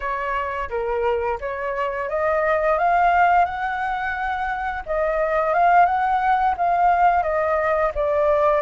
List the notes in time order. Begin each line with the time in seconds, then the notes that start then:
0.00 C#5
0.69 A#4
1.40 C#5
2.09 D#5
2.78 F5
3.45 F#5
4.86 D#5
5.53 F5
5.85 F#5
6.57 F5
7.22 D#5
7.94 D5